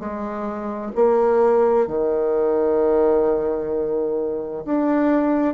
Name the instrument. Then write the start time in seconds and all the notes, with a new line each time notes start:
bassoon
0.00 G#3
0.95 A#3
1.87 D#3
4.65 D4